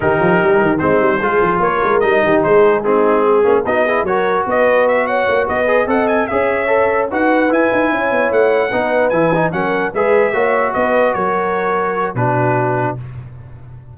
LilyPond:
<<
  \new Staff \with { instrumentName = "trumpet" } { \time 4/4 \tempo 4 = 148 ais'2 c''2 | cis''4 dis''4 c''4 gis'4~ | gis'4 dis''4 cis''4 dis''4 | e''8 fis''4 dis''4 fis''8 gis''8 e''8~ |
e''4. fis''4 gis''4.~ | gis''8 fis''2 gis''4 fis''8~ | fis''8 e''2 dis''4 cis''8~ | cis''2 b'2 | }
  \new Staff \with { instrumentName = "horn" } { \time 4/4 g'2 dis'4 gis'4 | ais'4. g'8 gis'4 dis'4 | gis'4 fis'8 gis'8 ais'4 b'4~ | b'8 cis''4 b'4 dis''4 cis''8~ |
cis''4. b'2 cis''8~ | cis''4. b'2 ais'8~ | ais'8 b'4 cis''4 b'4 ais'8~ | ais'2 fis'2 | }
  \new Staff \with { instrumentName = "trombone" } { \time 4/4 dis'2 c'4 f'4~ | f'4 dis'2 c'4~ | c'8 cis'8 dis'8 e'8 fis'2~ | fis'2 gis'8 a'4 gis'8~ |
gis'8 a'4 fis'4 e'4.~ | e'4. dis'4 e'8 dis'8 cis'8~ | cis'8 gis'4 fis'2~ fis'8~ | fis'2 d'2 | }
  \new Staff \with { instrumentName = "tuba" } { \time 4/4 dis8 f8 g8 dis8 gis8 g8 gis8 f8 | ais8 gis8 g8 dis8 gis2~ | gis8 ais8 b4 fis4 b4~ | b4 ais8 b4 c'4 cis'8~ |
cis'4. dis'4 e'8 dis'8 cis'8 | b8 a4 b4 e4 fis8~ | fis8 gis4 ais4 b4 fis8~ | fis2 b,2 | }
>>